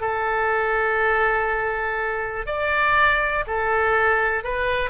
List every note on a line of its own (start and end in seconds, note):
0.00 2.46 A4
2.46 3.44 D5
3.46 4.44 A4
4.44 4.90 B4